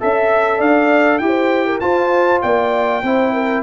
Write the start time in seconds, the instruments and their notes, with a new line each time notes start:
0.00 tuba C#4, trombone A4, horn E5, trumpet E5
0.58 tuba D4, horn D5, trumpet F5
1.18 tuba E4, trombone G4, trumpet G5
1.26 horn C5
1.66 horn A#4
1.80 tuba F4, trombone F4, horn C5, trumpet A5
2.42 tuba A#3, horn D5, trumpet G5
3.03 tuba C4, trombone E4, horn C5
3.33 horn A#4